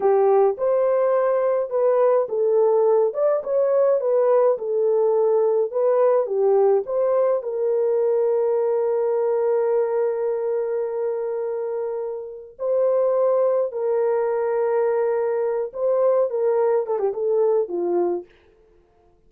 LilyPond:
\new Staff \with { instrumentName = "horn" } { \time 4/4 \tempo 4 = 105 g'4 c''2 b'4 | a'4. d''8 cis''4 b'4 | a'2 b'4 g'4 | c''4 ais'2.~ |
ais'1~ | ais'2 c''2 | ais'2.~ ais'8 c''8~ | c''8 ais'4 a'16 g'16 a'4 f'4 | }